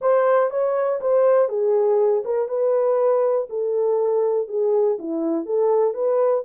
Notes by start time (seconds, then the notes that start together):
0.01 C5
0.50 C#5
1.01 C5
1.49 G#4
2.24 A#4
2.48 B4
3.49 A4
4.47 G#4
4.98 E4
5.45 A4
5.93 B4